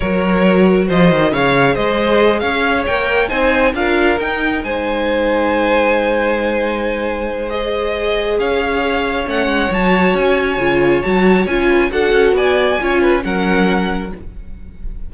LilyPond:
<<
  \new Staff \with { instrumentName = "violin" } { \time 4/4 \tempo 4 = 136 cis''2 dis''4 f''4 | dis''4. f''4 g''4 gis''8~ | gis''8 f''4 g''4 gis''4.~ | gis''1~ |
gis''4 dis''2 f''4~ | f''4 fis''4 a''4 gis''4~ | gis''4 a''4 gis''4 fis''4 | gis''2 fis''2 | }
  \new Staff \with { instrumentName = "violin" } { \time 4/4 ais'2 c''4 cis''4 | c''4. cis''2 c''8~ | c''8 ais'2 c''4.~ | c''1~ |
c''2. cis''4~ | cis''1~ | cis''2~ cis''8 b'8 a'4 | d''4 cis''8 b'8 ais'2 | }
  \new Staff \with { instrumentName = "viola" } { \time 4/4 fis'2. gis'4~ | gis'2~ gis'8 ais'4 dis'8~ | dis'8 f'4 dis'2~ dis'8~ | dis'1~ |
dis'4 gis'2.~ | gis'4 cis'4 fis'2 | f'4 fis'4 f'4 fis'4~ | fis'4 f'4 cis'2 | }
  \new Staff \with { instrumentName = "cello" } { \time 4/4 fis2 f8 dis8 cis4 | gis4. cis'4 ais4 c'8~ | c'8 d'4 dis'4 gis4.~ | gis1~ |
gis2. cis'4~ | cis'4 a8 gis8 fis4 cis'4 | cis4 fis4 cis'4 d'8 cis'8 | b4 cis'4 fis2 | }
>>